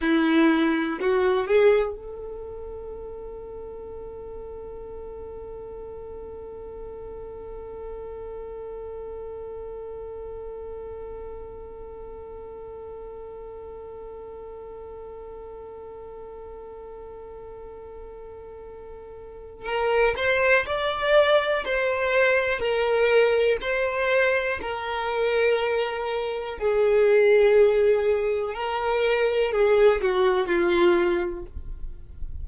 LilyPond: \new Staff \with { instrumentName = "violin" } { \time 4/4 \tempo 4 = 61 e'4 fis'8 gis'8 a'2~ | a'1~ | a'1~ | a'1~ |
a'1 | ais'8 c''8 d''4 c''4 ais'4 | c''4 ais'2 gis'4~ | gis'4 ais'4 gis'8 fis'8 f'4 | }